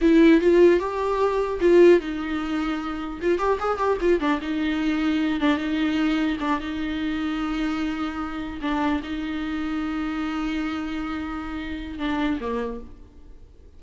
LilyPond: \new Staff \with { instrumentName = "viola" } { \time 4/4 \tempo 4 = 150 e'4 f'4 g'2 | f'4 dis'2. | f'8 g'8 gis'8 g'8 f'8 d'8 dis'4~ | dis'4. d'8 dis'2 |
d'8 dis'2.~ dis'8~ | dis'4. d'4 dis'4.~ | dis'1~ | dis'2 d'4 ais4 | }